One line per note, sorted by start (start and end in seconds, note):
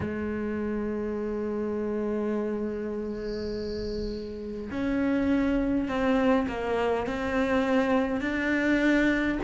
0.00 4.70 G#3
4.71 5.88 C#4
5.88 6.47 C4
6.48 7.06 A#3
7.06 8.20 C4
8.20 9.38 D4